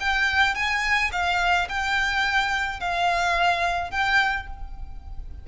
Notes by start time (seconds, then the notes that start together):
0.00 G5
0.55 G#5
1.12 F5
1.69 G5
2.80 F5
3.91 G5